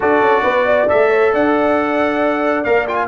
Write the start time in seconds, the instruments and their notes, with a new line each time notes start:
0.00 tuba D4, trombone F#4, horn A4, trumpet D5
0.20 tuba C#4
0.42 tuba B3, horn B4
0.66 horn D5
0.88 tuba A3, trombone A4, trumpet E5
1.10 horn C#5
1.33 tuba D4, horn D5, trumpet F#5
2.63 tuba A#3, trombone A#4, trumpet F5
2.87 trombone F4, trumpet G5
2.94 trumpet G#5